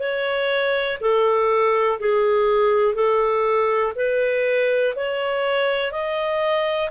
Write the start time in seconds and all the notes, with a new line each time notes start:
0.00 C#5
1.01 A4
2.00 G#4
2.95 A4
3.96 B4
4.96 C#5
5.92 D#5